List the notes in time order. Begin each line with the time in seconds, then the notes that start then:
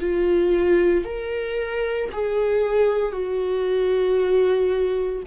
0.00 F4
1.05 A#4
2.12 G#4
3.12 F#4